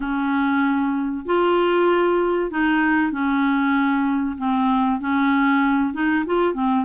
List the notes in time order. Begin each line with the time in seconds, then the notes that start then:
0.00 C#4
1.25 F4
2.50 D#4
3.11 C#4
4.38 C4
5.00 C#4
5.93 D#4
6.26 F4
6.54 C4